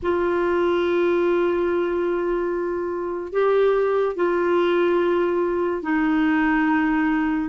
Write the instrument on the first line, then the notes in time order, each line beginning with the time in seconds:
clarinet
0.02 F4
3.32 G4
4.16 F4
5.82 D#4